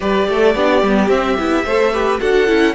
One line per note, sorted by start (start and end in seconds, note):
0.00 0.28 G3
0.00 0.54 G4
0.00 0.28 B4
0.00 1.09 D5
0.28 0.54 A3
0.28 0.55 A4
0.54 0.82 B3
0.54 0.83 D4
0.54 1.65 G4
0.82 1.08 G3
0.82 1.09 B3
1.08 1.36 C4
1.08 2.19 E5
1.38 1.64 B3
1.38 1.65 E4
1.64 2.19 A3
1.64 1.93 A4
1.64 1.92 C5
1.93 2.20 G4
1.93 2.20 B4
2.20 2.49 D4
2.20 2.47 F#4
2.20 2.75 A4
2.20 2.75 F#5
2.47 2.75 C#4
2.47 2.74 E4